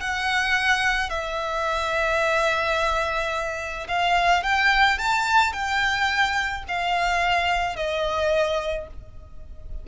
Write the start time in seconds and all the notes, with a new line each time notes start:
0.00 F#5
1.09 E5
3.88 F5
4.43 G5
4.98 A5
5.53 G5
6.68 F5
7.76 D#5